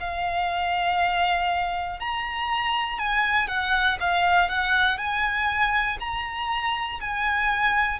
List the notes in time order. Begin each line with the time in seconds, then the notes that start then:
0.00 F5
2.00 A#5
2.99 G#5
3.48 F#5
4.00 F5
4.50 F#5
4.98 G#5
6.00 A#5
7.00 G#5